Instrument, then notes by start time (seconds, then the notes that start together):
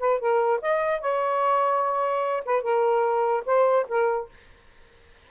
saxophone
0.00 B4
0.20 A#4
0.62 D#5
1.01 C#5
2.45 B4
2.63 A#4
3.46 C5
3.89 A#4